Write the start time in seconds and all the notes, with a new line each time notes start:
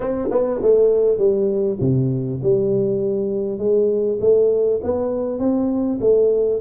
0.00 C4
0.31 B3
0.61 A3
1.18 G3
1.80 C3
2.42 G3
3.58 G#3
4.20 A3
4.83 B3
5.39 C4
6.00 A3